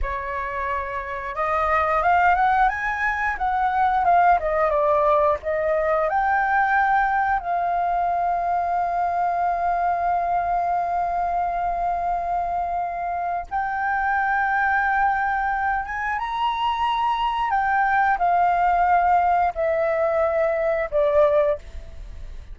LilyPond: \new Staff \with { instrumentName = "flute" } { \time 4/4 \tempo 4 = 89 cis''2 dis''4 f''8 fis''8 | gis''4 fis''4 f''8 dis''8 d''4 | dis''4 g''2 f''4~ | f''1~ |
f''1 | g''2.~ g''8 gis''8 | ais''2 g''4 f''4~ | f''4 e''2 d''4 | }